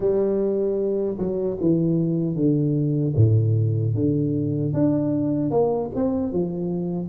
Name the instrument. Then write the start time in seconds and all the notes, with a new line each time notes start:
tuba
0.00 G3
1.17 F#3
1.60 E3
2.35 D3
3.15 A2
3.94 D3
4.73 D4
5.50 A#3
5.95 C4
6.32 F3